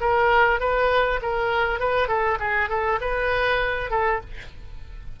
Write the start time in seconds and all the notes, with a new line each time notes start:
0.00 A#4
0.59 B4
1.21 A#4
1.79 B4
2.08 A4
2.39 G#4
2.69 A4
3.00 B4
3.90 A4